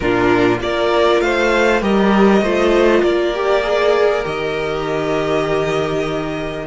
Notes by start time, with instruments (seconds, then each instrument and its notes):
0.00 cello A#2, viola D4, violin F4 A#4
0.59 cello A#3, viola F4, violin A#4 D5
1.20 cello A3, violin C5 F5
1.81 cello G3, viola G4, violin A#4 D#5
2.41 cello A3, viola F4, violin C5
3.01 cello A#3, violin A#4 D5
3.34 viola G4
3.62 viola G#4
4.23 cello D#3, viola G4, violin D#5